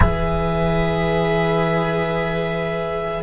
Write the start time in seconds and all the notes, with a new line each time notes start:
0.00 E3 G#4 B4 E5